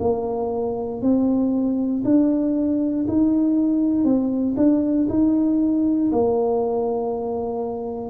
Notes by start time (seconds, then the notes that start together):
0.00 A#3
1.02 C4
2.04 D4
3.08 D#4
4.04 C4
4.57 D4
5.09 D#4
6.12 A#3